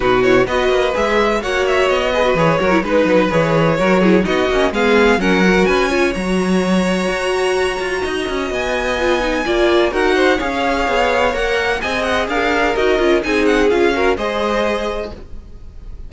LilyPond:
<<
  \new Staff \with { instrumentName = "violin" } { \time 4/4 \tempo 4 = 127 b'8 cis''8 dis''4 e''4 fis''8 e''8 | dis''4 cis''4 b'4 cis''4~ | cis''4 dis''4 f''4 fis''4 | gis''4 ais''2.~ |
ais''2 gis''2~ | gis''4 fis''4 f''2 | fis''4 gis''8 fis''8 f''4 dis''4 | gis''8 fis''8 f''4 dis''2 | }
  \new Staff \with { instrumentName = "violin" } { \time 4/4 fis'4 b'2 cis''4~ | cis''8 b'4 ais'8 b'2 | ais'8 gis'8 fis'4 gis'4 ais'4 | b'8 cis''2.~ cis''8~ |
cis''4 dis''2. | d''4 ais'8 c''8 cis''2~ | cis''4 dis''4 ais'2 | gis'4. ais'8 c''2 | }
  \new Staff \with { instrumentName = "viola" } { \time 4/4 dis'8 e'8 fis'4 gis'4 fis'4~ | fis'8 gis'16 fis'16 gis'8 fis'16 e'16 dis'4 gis'4 | fis'8 e'8 dis'8 cis'8 b4 cis'8 fis'8~ | fis'8 f'8 fis'2.~ |
fis'2. f'8 dis'8 | f'4 fis'4 gis'2 | ais'4 gis'2 fis'8 f'8 | dis'4 f'8 fis'8 gis'2 | }
  \new Staff \with { instrumentName = "cello" } { \time 4/4 b,4 b8 ais8 gis4 ais4 | b4 e8 fis8 gis8 fis8 e4 | fis4 b8 ais8 gis4 fis4 | cis'4 fis2 fis'4~ |
fis'8 f'8 dis'8 cis'8 b2 | ais4 dis'4 cis'4 b4 | ais4 c'4 d'4 dis'8 cis'8 | c'4 cis'4 gis2 | }
>>